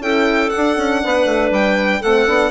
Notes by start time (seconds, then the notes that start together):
0.00 C#4 E4 A4 G5
0.50 D4 F#5
0.56 D4
0.77 C#4
1.04 B3 B4
1.25 A3
1.51 G3 G5
2.01 A3 C4 A4 F#5
2.27 B3 D4